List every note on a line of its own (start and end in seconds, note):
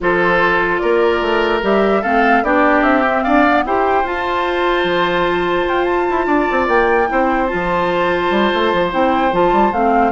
0.00 0.82 F3
0.00 1.62 F4
0.00 0.81 A4
0.00 0.78 C5
0.78 1.21 A#3
0.78 2.01 A#4
0.78 1.59 D5
1.21 1.62 A3
1.62 2.03 G3
1.62 2.03 G4
1.62 2.03 E5
2.01 2.42 A3
2.01 2.43 C4
2.01 2.42 A4
2.01 2.43 F5
2.42 2.82 B3
2.42 3.04 D4
2.42 3.24 G4
2.42 2.83 D5
2.82 3.23 C4
2.82 3.23 E5
3.07 3.47 C4
3.23 3.65 D4
3.23 3.64 D5
3.23 3.63 F5
3.47 3.67 B3
3.65 4.03 E4
3.65 4.04 G4
3.65 6.26 C5
3.65 4.07 G5
4.03 4.84 F4
4.03 7.08 F4
4.03 5.68 A5
4.84 5.65 F3
5.68 6.08 F4
5.68 5.84 G5
5.84 6.65 A5
6.10 6.26 E4
6.26 6.46 D4
6.26 7.07 D5
6.51 6.68 C4
6.68 7.08 A#3
6.68 7.47 G5
7.08 7.52 C4
7.08 7.48 E4
7.08 10.12 C5
7.47 8.90 F4
7.47 8.88 A5
7.53 8.30 F3
8.30 8.50 G3
8.54 8.73 A3
8.73 8.93 F3
8.90 9.32 C4
8.90 9.31 E4
8.90 9.34 G5
9.32 9.52 F3
9.32 9.72 F4
9.32 9.72 A5
9.52 9.72 G3
9.72 10.12 A3
9.72 10.12 C4
9.72 10.12 F5